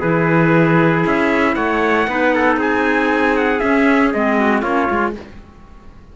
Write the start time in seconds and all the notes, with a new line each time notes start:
0.00 E3 E4 G#4 B4
1.05 C#4 E5
1.54 A3 C#5 F#5
2.07 B3 D#4 B4
2.34 A4
2.56 C4 G#4 G#5
3.36 F#5
3.59 C#4 E5
4.12 G#3 C4 D#5
4.39 F#4
4.61 A#3 C#4 F4 C#5
4.86 G#3 F4